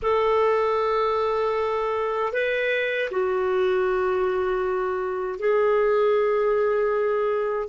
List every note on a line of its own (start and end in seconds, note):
0.02 2.33 A4
2.33 3.09 B4
3.10 5.39 F#4
5.39 7.69 G#4